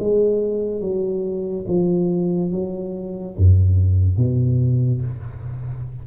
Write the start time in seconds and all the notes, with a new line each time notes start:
0.00 G#3
0.81 F#3
1.68 F3
2.52 F#3
3.38 F#2
4.18 B2